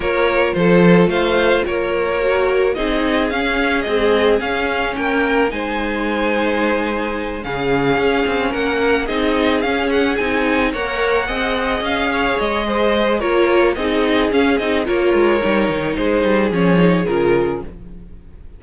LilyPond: <<
  \new Staff \with { instrumentName = "violin" } { \time 4/4 \tempo 4 = 109 cis''4 c''4 f''4 cis''4~ | cis''4 dis''4 f''4 dis''4 | f''4 g''4 gis''2~ | gis''4. f''2 fis''8~ |
fis''8 dis''4 f''8 fis''8 gis''4 fis''8~ | fis''4. f''4 dis''4. | cis''4 dis''4 f''8 dis''8 cis''4~ | cis''4 c''4 cis''4 ais'4 | }
  \new Staff \with { instrumentName = "violin" } { \time 4/4 ais'4 a'4 c''4 ais'4~ | ais'4 gis'2.~ | gis'4 ais'4 c''2~ | c''4. gis'2 ais'8~ |
ais'8 gis'2. cis''8~ | cis''8 dis''4. cis''4 c''4 | ais'4 gis'2 ais'4~ | ais'4 gis'2. | }
  \new Staff \with { instrumentName = "viola" } { \time 4/4 f'1 | fis'4 dis'4 cis'4 gis4 | cis'2 dis'2~ | dis'4. cis'2~ cis'8~ |
cis'8 dis'4 cis'4 dis'4 ais'8~ | ais'8 gis'2.~ gis'8 | f'4 dis'4 cis'8 dis'8 f'4 | dis'2 cis'8 dis'8 f'4 | }
  \new Staff \with { instrumentName = "cello" } { \time 4/4 ais4 f4 a4 ais4~ | ais4 c'4 cis'4 c'4 | cis'4 ais4 gis2~ | gis4. cis4 cis'8 c'8 ais8~ |
ais8 c'4 cis'4 c'4 ais8~ | ais8 c'4 cis'4 gis4. | ais4 c'4 cis'8 c'8 ais8 gis8 | g8 dis8 gis8 g8 f4 cis4 | }
>>